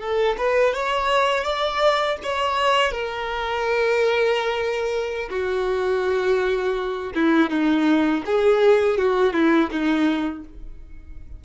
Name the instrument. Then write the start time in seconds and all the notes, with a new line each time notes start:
violin
0.00 A4
0.38 B4
0.74 C#5
1.44 D5
2.24 C#5
2.92 A#4
5.30 F#4
7.15 E4
7.50 D#4
8.26 G#4
8.98 F#4
9.34 E4
9.72 D#4